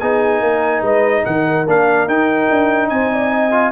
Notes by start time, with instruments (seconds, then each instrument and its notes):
0.00 tuba B3, trombone D#4, horn G#4, trumpet G#5
0.41 tuba A#3, horn A#4
0.81 tuba G#3, horn B4, trumpet D#5
1.25 tuba D#3, horn A#4, trumpet F#5
1.67 tuba A#3, trombone D4, trumpet F5
2.08 tuba D#4, trombone D#4, trumpet G5
2.50 tuba D4
2.89 tuba C4, horn C5, trumpet G#5
3.12 horn D5
3.31 horn D#5
3.52 trombone F4